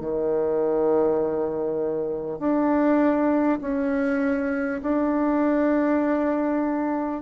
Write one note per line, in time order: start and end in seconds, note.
0.00 2.39 D#3
2.39 3.59 D4
3.62 4.82 C#4
4.83 7.22 D4